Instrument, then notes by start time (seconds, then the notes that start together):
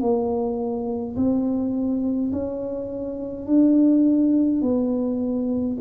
tuba
0.00 A#3
1.16 C4
2.32 C#4
3.46 D4
4.62 B3